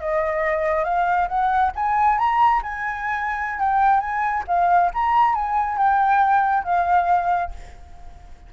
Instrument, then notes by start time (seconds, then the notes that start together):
flute
0.00 D#5
0.84 F5
1.28 F#5
1.75 G#5
2.18 A#5
2.62 G#5
3.59 G5
4.00 G#5
4.47 F5
4.93 A#5
5.34 G#5
5.77 G5
6.64 F5